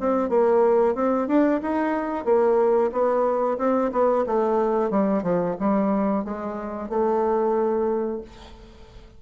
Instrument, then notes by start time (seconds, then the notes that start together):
bassoon
0.00 C4
0.29 A#3
0.95 C4
1.27 D4
1.62 D#4
2.25 A#3
2.92 B3
3.58 C4
3.92 B3
4.26 A3
4.90 G3
5.23 F3
5.60 G3
6.24 G#3
6.89 A3